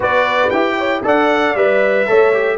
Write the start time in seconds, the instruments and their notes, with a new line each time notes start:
0.00 tuba B3, trombone F#4, horn B4, trumpet D5
0.49 tuba E4, trombone G4, trumpet G5
0.77 horn C#5
1.03 tuba D4, trombone A4, horn D5, trumpet F#5
1.54 tuba G3, trombone B4, trumpet E5
2.07 tuba A3, trombone A4, horn C#5
2.33 trombone G4